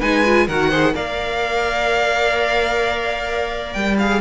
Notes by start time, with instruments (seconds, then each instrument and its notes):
0.00 cello G#3, viola D#4, violin B4 G#5
0.25 viola F4
0.47 cello D#3, viola F#4, violin A#4 F#5
0.70 viola G#4, violin C5
0.95 cello A#3, viola A#4, violin D5 F5
3.73 cello G3, violin G5
3.99 viola G#4, violin F5